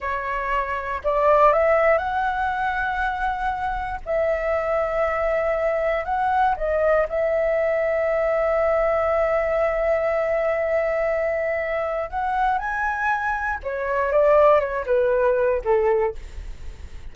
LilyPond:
\new Staff \with { instrumentName = "flute" } { \time 4/4 \tempo 4 = 119 cis''2 d''4 e''4 | fis''1 | e''1 | fis''4 dis''4 e''2~ |
e''1~ | e''1 | fis''4 gis''2 cis''4 | d''4 cis''8 b'4. a'4 | }